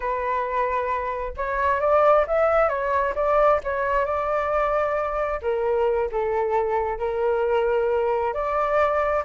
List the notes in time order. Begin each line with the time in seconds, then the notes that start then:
0.00 B4
1.36 C#5
1.80 D5
2.27 E5
2.68 C#5
3.15 D5
3.63 C#5
4.05 D5
5.42 A#4
6.11 A4
6.98 A#4
8.33 D5